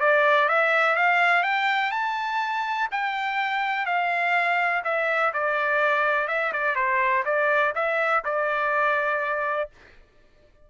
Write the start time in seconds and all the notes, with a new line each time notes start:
0.00 D5
0.48 E5
0.95 F5
1.43 G5
1.91 A5
2.91 G5
3.86 F5
4.84 E5
5.33 D5
6.28 E5
6.52 D5
6.75 C5
7.25 D5
7.75 E5
8.24 D5